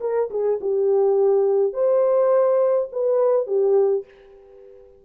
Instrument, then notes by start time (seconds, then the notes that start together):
horn
0.00 A#4
0.30 G#4
0.60 G4
1.73 C5
2.92 B4
3.46 G4